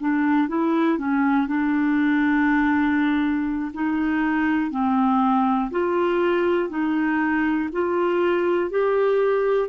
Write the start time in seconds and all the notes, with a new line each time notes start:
0.00 D4
0.48 E4
0.98 C#4
1.47 D4
3.74 D#4
4.70 C4
5.71 F4
6.70 D#4
7.72 F4
8.70 G4